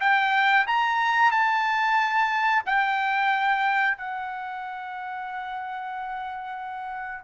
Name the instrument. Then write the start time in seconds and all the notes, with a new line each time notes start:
trumpet
0.00 G5
0.67 A#5
1.31 A5
2.66 G5
3.97 F#5